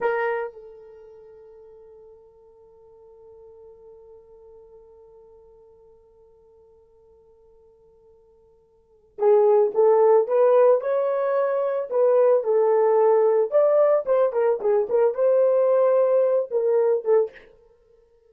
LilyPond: \new Staff \with { instrumentName = "horn" } { \time 4/4 \tempo 4 = 111 ais'4 a'2.~ | a'1~ | a'1~ | a'1~ |
a'4 gis'4 a'4 b'4 | cis''2 b'4 a'4~ | a'4 d''4 c''8 ais'8 gis'8 ais'8 | c''2~ c''8 ais'4 a'8 | }